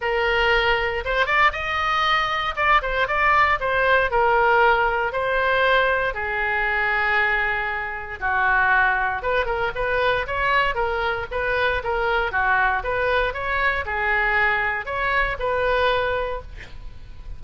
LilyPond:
\new Staff \with { instrumentName = "oboe" } { \time 4/4 \tempo 4 = 117 ais'2 c''8 d''8 dis''4~ | dis''4 d''8 c''8 d''4 c''4 | ais'2 c''2 | gis'1 |
fis'2 b'8 ais'8 b'4 | cis''4 ais'4 b'4 ais'4 | fis'4 b'4 cis''4 gis'4~ | gis'4 cis''4 b'2 | }